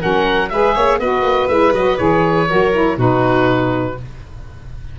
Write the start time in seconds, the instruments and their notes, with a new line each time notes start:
0.00 tuba F#3, saxophone C#4, violin A#4, oboe F#5
0.49 tuba G#3, saxophone G#4, violin B4, oboe E5
0.76 tuba A#3, violin C#5
1.00 tuba B3, saxophone F#4, violin B4, oboe D#5
1.23 tuba A#3
1.48 tuba G#3, saxophone E4, oboe E5
1.73 tuba F#3, saxophone F#4, oboe D#5
1.98 tuba E3, saxophone G#4, oboe C#5
2.48 tuba F#3, saxophone F#4, violin A#4
2.73 saxophone E4
2.97 tuba B2, saxophone D#4, violin F#4, oboe B4